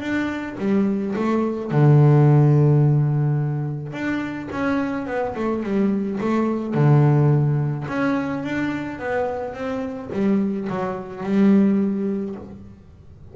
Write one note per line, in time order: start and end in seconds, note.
0.00 0.56 D4
0.58 1.14 G3
1.16 1.71 A3
1.71 3.93 D3
3.93 4.49 D4
4.51 5.06 C#4
5.06 5.34 B3
5.35 5.63 A3
5.63 6.19 G3
6.21 6.74 A3
6.74 7.86 D3
7.88 8.43 C#4
8.43 8.99 D4
8.99 9.54 B3
9.54 10.10 C4
10.12 10.68 G3
10.69 11.23 F#3
11.23 12.35 G3